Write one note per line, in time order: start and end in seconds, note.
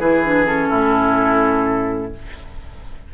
0.00 0.71 E3
0.00 0.24 E4
0.00 0.69 G#4
0.00 0.47 B4
0.24 0.46 D4
0.46 2.13 C#4
0.46 2.14 A4
0.69 2.14 A2
0.69 2.12 E4